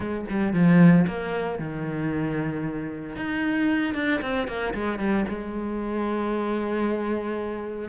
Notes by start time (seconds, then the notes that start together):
0.00 G#3
0.29 G3
0.53 F3
1.07 A#3
1.58 D#3
3.16 D#4
3.94 D4
4.21 C4
4.47 A#3
4.74 G#3
4.99 G3
5.28 G#3